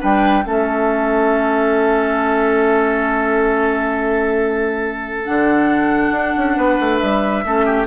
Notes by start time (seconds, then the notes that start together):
0.00 G3 D4 B4 G5
0.44 A3 C#4 A4 E5
5.25 D3 D4 F#5
6.11 D4
6.37 C#4
6.57 B3 B4
6.80 A3
6.98 G3 E5
7.44 A3 C#4 A4
7.66 G4